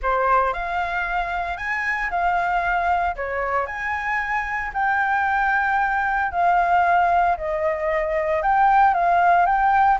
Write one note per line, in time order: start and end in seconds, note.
0.02 0.53 C5
0.53 1.57 F5
1.57 2.10 G#5
2.10 3.15 F5
3.16 3.66 C#5
3.66 4.71 G#5
4.73 6.31 G5
6.31 7.36 F5
7.37 8.42 D#5
8.42 8.94 G5
8.94 9.45 F5
9.45 9.98 G5